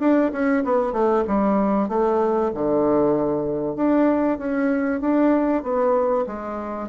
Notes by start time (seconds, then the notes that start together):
0.00 D4
0.32 C#4
0.64 B3
0.93 A3
1.28 G3
1.89 A3
2.54 D3
3.76 D4
4.38 C#4
5.01 D4
5.63 B3
6.27 G#3